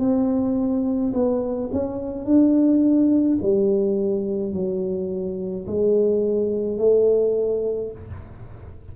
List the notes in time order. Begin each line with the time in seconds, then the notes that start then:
0.00 C4
1.14 B3
1.73 C#4
2.25 D4
3.42 G3
4.54 F#3
5.67 G#3
6.79 A3